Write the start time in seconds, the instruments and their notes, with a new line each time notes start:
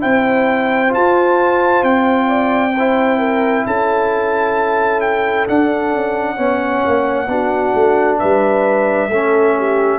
0.00 tuba C4, trombone E4, horn C5, trumpet G5
0.89 trombone F4, trumpet A5
0.96 tuba F4
1.83 tuba C4, trumpet G5
2.28 horn D5
2.74 trombone E4, horn C5
3.19 horn A#4
3.66 tuba C#4, horn A4, trumpet A5
5.01 trumpet G5
5.48 trombone D4, tuba D4, trumpet F#5
5.94 tuba C#4
6.36 tuba B3, trombone C#4, horn C#5
6.87 tuba A#3
7.27 tuba B3, trombone D4, horn F#4
7.74 tuba A3
8.19 tuba G3, horn B4, trumpet E5
9.09 tuba A3, trombone C#4, horn A4
9.58 horn G4